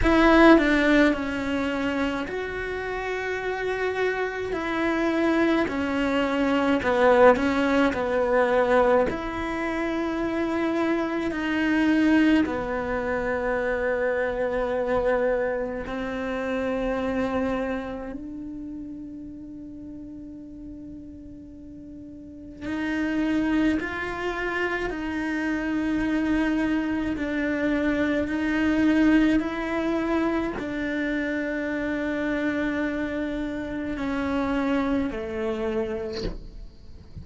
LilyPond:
\new Staff \with { instrumentName = "cello" } { \time 4/4 \tempo 4 = 53 e'8 d'8 cis'4 fis'2 | e'4 cis'4 b8 cis'8 b4 | e'2 dis'4 b4~ | b2 c'2 |
d'1 | dis'4 f'4 dis'2 | d'4 dis'4 e'4 d'4~ | d'2 cis'4 a4 | }